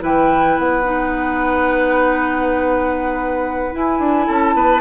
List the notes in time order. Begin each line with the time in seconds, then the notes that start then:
0.00 E3 E4 B4 G5
0.58 B3 F#5
0.84 D#4
3.72 E4 G#5
3.99 D4
4.27 C#4 A4 A5
4.54 B3 B4